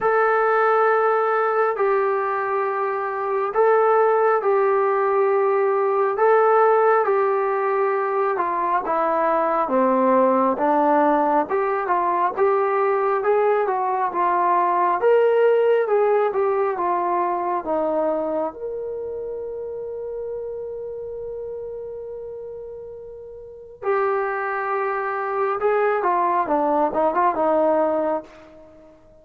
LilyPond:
\new Staff \with { instrumentName = "trombone" } { \time 4/4 \tempo 4 = 68 a'2 g'2 | a'4 g'2 a'4 | g'4. f'8 e'4 c'4 | d'4 g'8 f'8 g'4 gis'8 fis'8 |
f'4 ais'4 gis'8 g'8 f'4 | dis'4 ais'2.~ | ais'2. g'4~ | g'4 gis'8 f'8 d'8 dis'16 f'16 dis'4 | }